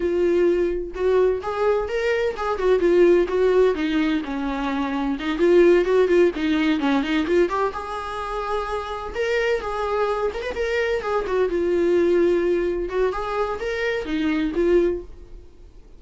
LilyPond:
\new Staff \with { instrumentName = "viola" } { \time 4/4 \tempo 4 = 128 f'2 fis'4 gis'4 | ais'4 gis'8 fis'8 f'4 fis'4 | dis'4 cis'2 dis'8 f'8~ | f'8 fis'8 f'8 dis'4 cis'8 dis'8 f'8 |
g'8 gis'2. ais'8~ | ais'8 gis'4. ais'16 b'16 ais'4 gis'8 | fis'8 f'2. fis'8 | gis'4 ais'4 dis'4 f'4 | }